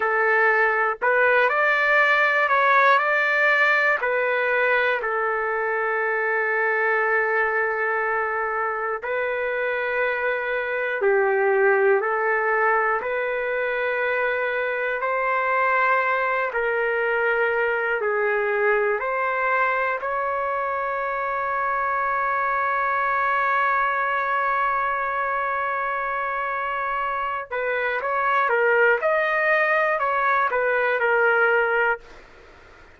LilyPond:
\new Staff \with { instrumentName = "trumpet" } { \time 4/4 \tempo 4 = 60 a'4 b'8 d''4 cis''8 d''4 | b'4 a'2.~ | a'4 b'2 g'4 | a'4 b'2 c''4~ |
c''8 ais'4. gis'4 c''4 | cis''1~ | cis''2.~ cis''8 b'8 | cis''8 ais'8 dis''4 cis''8 b'8 ais'4 | }